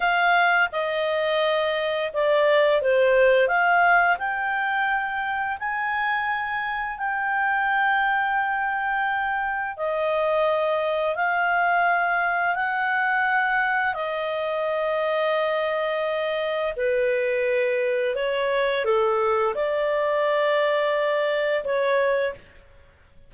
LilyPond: \new Staff \with { instrumentName = "clarinet" } { \time 4/4 \tempo 4 = 86 f''4 dis''2 d''4 | c''4 f''4 g''2 | gis''2 g''2~ | g''2 dis''2 |
f''2 fis''2 | dis''1 | b'2 cis''4 a'4 | d''2. cis''4 | }